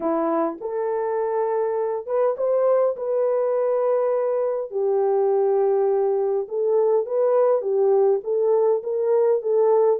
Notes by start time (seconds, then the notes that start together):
0.00 E4
0.60 A4
2.06 B4
2.37 C5
2.96 B4
4.71 G4
6.48 A4
7.06 B4
7.61 G4
8.23 A4
8.83 A#4
9.42 A4